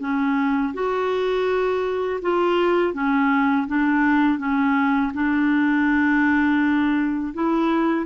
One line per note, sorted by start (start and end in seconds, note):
0.00 0.73 C#4
0.74 2.20 F#4
2.22 2.94 F4
2.94 3.67 C#4
3.68 4.39 D4
4.39 5.12 C#4
5.14 7.33 D4
7.34 8.06 E4